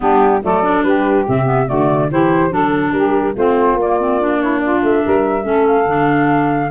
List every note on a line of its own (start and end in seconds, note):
0.00 0.43 G3
0.00 0.41 B3
0.00 0.43 D4
0.00 0.43 G4
0.43 0.83 F#3
0.43 0.62 A3
0.43 0.85 A4
0.43 0.83 D5
0.62 1.25 D4
0.83 1.25 G3
0.83 1.67 G4
0.83 1.25 B4
1.27 1.70 C3
1.27 1.45 C4
1.27 1.68 E5
1.45 1.66 B3
1.66 2.11 D3
1.66 2.08 A3
1.66 2.09 F#4
1.66 2.10 D5
2.10 2.51 E3
2.10 2.50 E4
2.10 2.52 G4
2.10 2.52 C5
2.50 2.92 F#3
2.50 3.34 D4
2.50 2.94 A4
2.50 2.92 A4
2.92 3.34 G3
2.92 3.33 G4
2.92 3.34 A#4
3.33 3.73 A3
3.33 3.79 C4
3.33 4.38 F4
3.33 3.80 C5
3.73 4.78 A#3
3.80 3.99 A#3
3.80 4.41 D5
3.99 4.20 C4
4.20 5.42 D4
4.40 4.61 E4
4.40 4.59 C#5
4.59 5.04 F4
4.59 4.80 D5
4.82 5.03 A3
4.82 5.66 E5
5.04 5.44 G3
5.04 5.46 A#4
5.42 5.86 A3
5.42 5.84 C#4
5.42 6.71 A4
5.66 6.71 F5
5.86 6.70 D3
5.86 6.71 D4